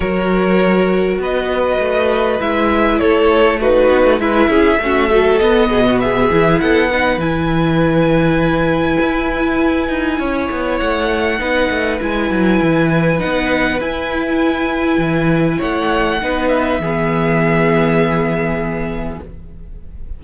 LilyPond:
<<
  \new Staff \with { instrumentName = "violin" } { \time 4/4 \tempo 4 = 100 cis''2 dis''2 | e''4 cis''4 b'4 e''4~ | e''4 dis''4 e''4 fis''4 | gis''1~ |
gis''2 fis''2 | gis''2 fis''4 gis''4~ | gis''2 fis''4. e''8~ | e''1 | }
  \new Staff \with { instrumentName = "violin" } { \time 4/4 ais'2 b'2~ | b'4 a'4 fis'4 b'8 gis'8 | fis'8 a'4 gis'16 fis'16 gis'4 a'8 b'8~ | b'1~ |
b'4 cis''2 b'4~ | b'1~ | b'2 cis''4 b'4 | gis'1 | }
  \new Staff \with { instrumentName = "viola" } { \time 4/4 fis'1 | e'2 dis'4 e'4 | cis'8 fis8 b4. e'4 dis'8 | e'1~ |
e'2. dis'4 | e'2 dis'4 e'4~ | e'2. dis'4 | b1 | }
  \new Staff \with { instrumentName = "cello" } { \time 4/4 fis2 b4 a4 | gis4 a4. b16 a16 gis8 cis'8 | a4 b8 b,4 e8 b4 | e2. e'4~ |
e'8 dis'8 cis'8 b8 a4 b8 a8 | gis8 fis8 e4 b4 e'4~ | e'4 e4 a4 b4 | e1 | }
>>